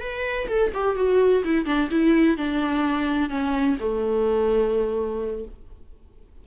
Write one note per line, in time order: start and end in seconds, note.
0.00 0.47 B4
0.48 0.72 A4
0.74 0.96 G4
0.96 1.43 F#4
1.44 1.65 E4
1.65 1.89 D4
1.90 2.37 E4
2.37 3.29 D4
3.29 3.76 C#4
3.79 5.45 A3